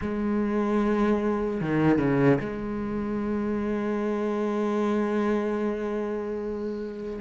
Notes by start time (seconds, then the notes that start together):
0.01 G#3
1.60 D#3
1.98 C#3
2.40 G#3